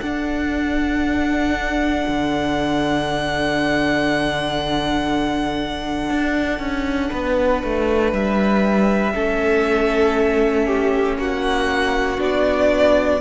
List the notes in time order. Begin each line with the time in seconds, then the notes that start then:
0.00 D4 A4 F#5
2.07 D3
6.10 D4
6.59 C#4
7.10 B3 B4
7.64 A3
8.12 G3 E5
9.13 A3 C#4 A4
10.67 G4
11.17 A#3 F#4 F#5
12.18 B3 D4 D5